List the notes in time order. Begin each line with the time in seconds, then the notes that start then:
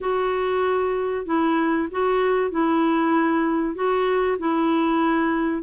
0.00 F#4
1.25 E4
1.91 F#4
2.50 E4
3.75 F#4
4.39 E4